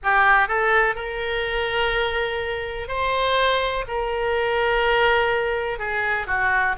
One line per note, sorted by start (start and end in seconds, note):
0.03 0.48 G4
0.48 0.95 A4
0.95 2.88 A#4
2.88 3.84 C5
3.87 5.78 A#4
5.78 6.26 G#4
6.26 6.75 F#4